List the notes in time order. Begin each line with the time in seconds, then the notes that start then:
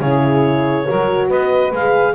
0.00 C#3 E4 G#4 C#5
0.86 F#3 F#4 A#4
1.28 B3 B4 D#5
1.72 G#3 G#4 F5